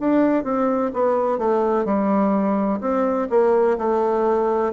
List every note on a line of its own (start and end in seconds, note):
0.00 0.45 D4
0.45 0.92 C4
0.94 1.39 B3
1.39 1.85 A3
1.85 2.81 G3
2.81 3.29 C4
3.30 3.78 A#3
3.78 4.73 A3